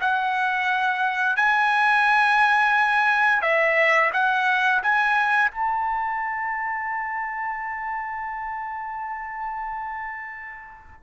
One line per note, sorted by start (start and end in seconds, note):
0.00 1.36 F#5
1.36 3.41 G#5
3.41 4.10 E5
4.13 4.82 F#5
4.82 5.51 G#5
5.51 11.02 A5